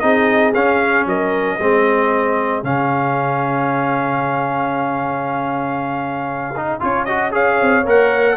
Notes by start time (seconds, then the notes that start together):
0.00 C4 D#4 G#4 D#5
0.54 C#4 F5
1.06 F#3 A#4 D#5
1.59 G#3 C4 G#4
2.63 C#3 C#4 F5
6.57 D#4
6.80 C#4 F4 C#5
7.05 F#4 D#5
7.31 G#4 C#5 F5
7.61 C4
7.85 A#3 A#4 F#5